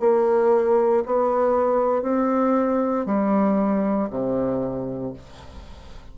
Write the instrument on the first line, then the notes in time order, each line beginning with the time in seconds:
bassoon
0.00 A#3
1.06 B3
2.03 C4
3.06 G3
4.10 C3